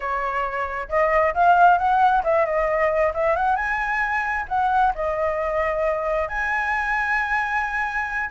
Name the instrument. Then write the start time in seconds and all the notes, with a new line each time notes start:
flute
0.00 C#5
0.88 D#5
1.34 F5
1.77 F#5
2.23 E5
2.45 D#5
3.13 E5
3.36 F#5
3.56 G#5
4.48 F#5
4.95 D#5
6.28 G#5